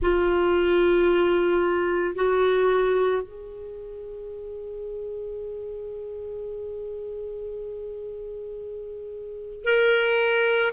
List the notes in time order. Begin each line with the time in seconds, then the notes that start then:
0.01 F4
2.15 F#4
3.22 G#4
9.64 A#4